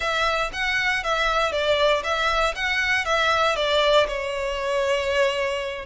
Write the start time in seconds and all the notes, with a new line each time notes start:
0.00 E5
0.52 F#5
1.03 E5
1.52 D5
2.03 E5
2.55 F#5
3.05 E5
3.56 D5
4.07 C#5